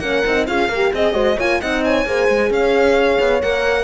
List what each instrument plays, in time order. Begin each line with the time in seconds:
0.00 cello A#3, horn C#4 A#4, violin F#5
0.26 cello C4, horn D#4
0.47 cello C#4, horn F4 G#4, violin F5
0.69 cello A#3, horn A#4
0.75 horn G4
0.94 cello C4, horn G#4 D#5, violin D#5
1.13 cello G#3, horn F#4 C5
1.36 cello A#3, horn F4 C#5, violin G#5
1.61 cello C4, horn D#4 D#5, violin F#5
1.85 horn C#5, violin G#5
2.06 cello A#3, horn G#4 C5
2.29 cello G#3
2.50 cello C#4, horn C#5, violin F5
3.20 cello B3
3.42 cello A#3, horn A#4, violin F#5